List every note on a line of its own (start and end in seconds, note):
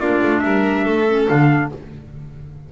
0.00 0.21 A#3
0.00 1.06 D4
0.00 0.42 F4
0.00 0.40 D5
0.23 0.44 A3
0.40 0.86 G3
0.40 0.85 A#4
0.40 1.25 E5
0.85 1.28 A3
0.85 1.70 A4
1.07 1.27 C#4
1.27 1.73 D3
1.27 1.70 D4
1.27 1.71 F5